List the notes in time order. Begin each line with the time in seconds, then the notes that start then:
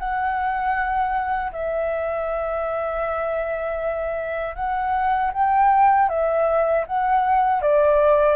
0.00 F#5
1.53 E5
4.56 F#5
5.34 G5
6.10 E5
6.87 F#5
7.62 D5